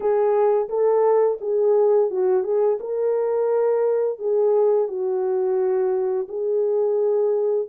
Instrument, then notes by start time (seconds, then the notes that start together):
horn
0.00 G#4
0.68 A4
1.40 G#4
2.10 F#4
2.43 G#4
2.80 A#4
4.18 G#4
4.87 F#4
6.28 G#4